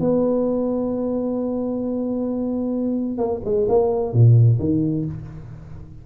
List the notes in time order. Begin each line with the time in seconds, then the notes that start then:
0.00 B3
3.18 A#3
3.45 G#3
3.69 A#3
4.13 A#2
4.59 D#3